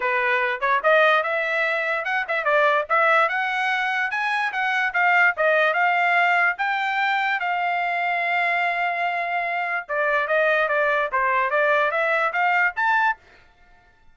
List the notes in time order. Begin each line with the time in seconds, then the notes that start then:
0.00 B4
0.60 C#5
0.83 D#5
1.23 E5
2.05 F#5
2.28 E5
2.44 D5
2.89 E5
3.28 F#5
4.10 G#5
4.52 F#5
4.93 F5
5.36 D#5
5.73 F5
6.58 G5
7.40 F5
9.88 D5
10.27 D#5
10.68 D5
11.11 C5
11.50 D5
11.91 E5
12.32 F5
12.75 A5